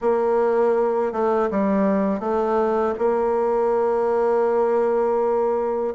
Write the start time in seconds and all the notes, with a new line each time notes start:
0.01 A#3
1.12 A3
1.51 G3
2.20 A3
2.98 A#3